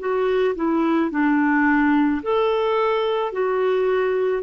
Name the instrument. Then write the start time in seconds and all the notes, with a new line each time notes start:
clarinet
0.00 F#4
0.56 E4
1.11 D4
2.23 A4
3.33 F#4